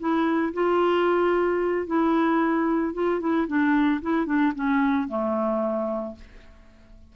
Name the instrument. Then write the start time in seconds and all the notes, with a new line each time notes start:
clarinet
0.00 E4
0.54 F4
1.87 E4
2.94 F4
3.21 E4
3.48 D4
4.02 E4
4.26 D4
4.55 C#4
5.09 A3